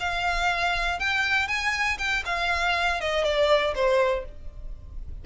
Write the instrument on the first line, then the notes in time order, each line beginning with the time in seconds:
violin
0.00 F5
1.00 G5
1.48 G#5
1.98 G5
2.26 F5
3.01 D#5
3.24 D5
3.75 C5